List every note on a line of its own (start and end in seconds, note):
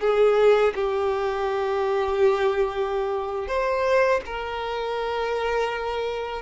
0.00 0.73 G#4
0.75 3.48 G4
3.48 4.21 C5
4.25 6.42 A#4